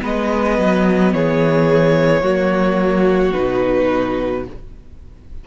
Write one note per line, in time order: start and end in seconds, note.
0.00 0.59 G#3
0.00 2.22 B3
0.00 1.14 B4
0.00 1.13 D#5
0.59 1.14 F#3
1.13 2.22 E3
1.13 2.23 G#4
1.13 3.33 C#5
2.22 3.33 F#3
2.22 3.34 A#3
2.22 4.45 F#4
3.33 4.48 B2
3.33 4.45 D#4
3.33 4.44 B4